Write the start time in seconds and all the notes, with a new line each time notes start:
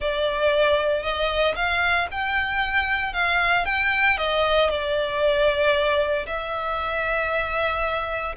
0.00 D5
1.02 D#5
1.55 F5
2.11 G5
3.13 F5
3.65 G5
4.17 D#5
4.69 D5
6.26 E5